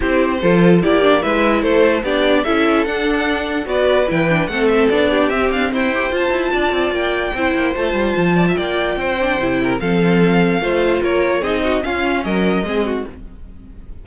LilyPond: <<
  \new Staff \with { instrumentName = "violin" } { \time 4/4 \tempo 4 = 147 c''2 d''4 e''4 | c''4 d''4 e''4 fis''4~ | fis''4 d''4 g''4 fis''8 e''8 | d''4 e''8 f''8 g''4 a''4~ |
a''4 g''2 a''4~ | a''4 g''2. | f''2. cis''4 | dis''4 f''4 dis''2 | }
  \new Staff \with { instrumentName = "violin" } { \time 4/4 g'4 a'4 g'4 b'4 | a'4 g'4 a'2~ | a'4 b'2 a'4~ | a'8 g'4. c''2 |
d''2 c''2~ | c''8 d''16 e''16 d''4 c''4. ais'8 | a'2 c''4 ais'4 | gis'8 fis'8 f'4 ais'4 gis'8 fis'8 | }
  \new Staff \with { instrumentName = "viola" } { \time 4/4 e'4 f'4 e'8 d'8 e'4~ | e'4 d'4 e'4 d'4~ | d'4 fis'4 e'8 d'8 c'4 | d'4 c'4. g'8 f'4~ |
f'2 e'4 f'4~ | f'2~ f'8 d'8 e'4 | c'2 f'2 | dis'4 cis'2 c'4 | }
  \new Staff \with { instrumentName = "cello" } { \time 4/4 c'4 f4 ais4 gis4 | a4 b4 cis'4 d'4~ | d'4 b4 e4 a4 | b4 c'8 d'8 e'4 f'8 e'8 |
d'8 c'8 ais4 c'8 ais8 a8 g8 | f4 ais4 c'4 c4 | f2 a4 ais4 | c'4 cis'4 fis4 gis4 | }
>>